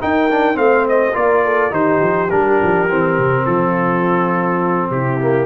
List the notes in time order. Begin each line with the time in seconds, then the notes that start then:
0.00 D#4 A#4 G5
0.30 D4
0.54 A3 C4 C5 F5
0.88 D#5
1.13 A#3 F4 A#4 D5
1.44 A4
1.70 D#3 D#4 G4 C5
2.01 F3
2.30 G3 D4 A#4
2.62 F3
2.89 E3 C4
3.18 C3
3.46 F3 F4 A4
4.90 C3 E4 G4
5.20 A#3